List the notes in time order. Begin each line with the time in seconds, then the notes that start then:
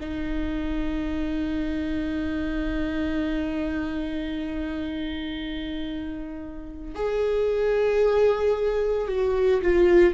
0.00 D#4
6.94 G#4
9.07 F#4
9.61 F4